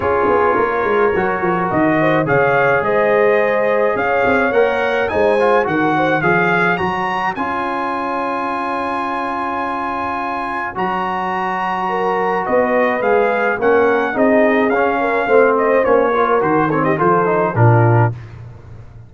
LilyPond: <<
  \new Staff \with { instrumentName = "trumpet" } { \time 4/4 \tempo 4 = 106 cis''2. dis''4 | f''4 dis''2 f''4 | fis''4 gis''4 fis''4 f''4 | ais''4 gis''2.~ |
gis''2. ais''4~ | ais''2 dis''4 f''4 | fis''4 dis''4 f''4. dis''8 | cis''4 c''8 cis''16 dis''16 c''4 ais'4 | }
  \new Staff \with { instrumentName = "horn" } { \time 4/4 gis'4 ais'2~ ais'8 c''8 | cis''4 c''2 cis''4~ | cis''4 c''4 ais'8 c''8 cis''4~ | cis''1~ |
cis''1~ | cis''4 ais'4 b'2 | ais'4 gis'4. ais'8 c''4~ | c''8 ais'4 a'16 g'16 a'4 f'4 | }
  \new Staff \with { instrumentName = "trombone" } { \time 4/4 f'2 fis'2 | gis'1 | ais'4 dis'8 f'8 fis'4 gis'4 | fis'4 f'2.~ |
f'2. fis'4~ | fis'2. gis'4 | cis'4 dis'4 cis'4 c'4 | cis'8 f'8 fis'8 c'8 f'8 dis'8 d'4 | }
  \new Staff \with { instrumentName = "tuba" } { \time 4/4 cis'8 b8 ais8 gis8 fis8 f8 dis4 | cis4 gis2 cis'8 c'8 | ais4 gis4 dis4 f4 | fis4 cis'2.~ |
cis'2. fis4~ | fis2 b4 gis4 | ais4 c'4 cis'4 a4 | ais4 dis4 f4 ais,4 | }
>>